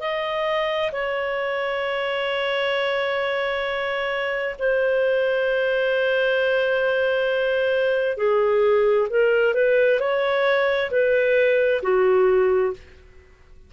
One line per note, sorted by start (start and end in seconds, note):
0.00 0.91 D#5
0.92 4.55 C#5
4.59 8.17 C5
8.17 9.08 G#4
9.10 9.54 A#4
9.54 10.00 B4
10.00 10.90 C#5
10.91 11.82 B4
11.82 12.73 F#4